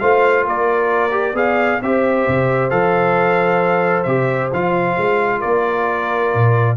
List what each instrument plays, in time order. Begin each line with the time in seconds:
0.00 tuba A3, trombone F4, horn C5, trumpet F5
0.44 tuba A#3, horn A#4, trumpet D5
1.11 trombone G4
1.34 tuba B3, trombone G#4, horn D5, trumpet F5
1.82 tuba C4, trombone G4, horn C5, trumpet E5
2.27 tuba C3
2.70 tuba F3, trombone A4, trumpet F5
4.03 tuba C3, trombone G4, trumpet E5
4.53 tuba F3, trombone F4, trumpet F5
4.97 tuba G#3
5.40 tuba A#3, horn A#4, trumpet D5
6.34 tuba A#2